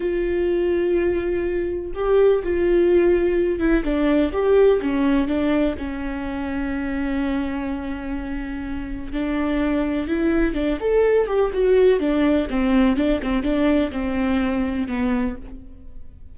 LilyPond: \new Staff \with { instrumentName = "viola" } { \time 4/4 \tempo 4 = 125 f'1 | g'4 f'2~ f'8 e'8 | d'4 g'4 cis'4 d'4 | cis'1~ |
cis'2. d'4~ | d'4 e'4 d'8 a'4 g'8 | fis'4 d'4 c'4 d'8 c'8 | d'4 c'2 b4 | }